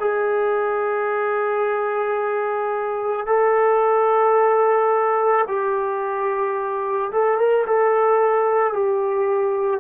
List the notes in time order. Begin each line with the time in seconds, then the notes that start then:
0.00 G#4
3.27 A4
5.48 G4
7.12 A4
7.38 A#4
7.67 A4
8.73 G4